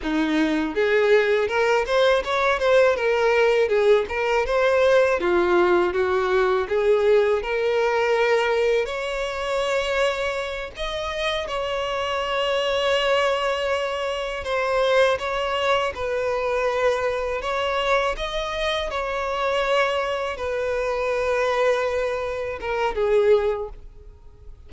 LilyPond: \new Staff \with { instrumentName = "violin" } { \time 4/4 \tempo 4 = 81 dis'4 gis'4 ais'8 c''8 cis''8 c''8 | ais'4 gis'8 ais'8 c''4 f'4 | fis'4 gis'4 ais'2 | cis''2~ cis''8 dis''4 cis''8~ |
cis''2.~ cis''8 c''8~ | c''8 cis''4 b'2 cis''8~ | cis''8 dis''4 cis''2 b'8~ | b'2~ b'8 ais'8 gis'4 | }